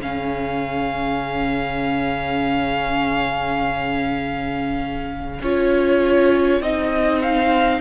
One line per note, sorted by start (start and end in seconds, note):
0.00 5.40 C#3
0.00 5.41 C#4
0.00 7.81 G#4
0.00 5.42 F5
5.41 6.61 C#4
5.41 6.62 F4
5.41 6.62 C#5
6.61 7.81 C4
6.61 7.81 D#4
6.61 7.23 D#5
7.23 7.81 F5